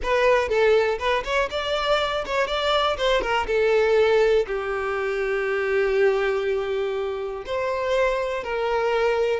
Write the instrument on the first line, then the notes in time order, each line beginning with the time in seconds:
violin
0.02 B4
0.48 A4
0.98 B4
1.24 C#5
1.50 D5
2.25 C#5
2.47 D5
2.97 C5
3.21 A#4
3.47 A4
4.46 G4
7.46 C5
8.43 A#4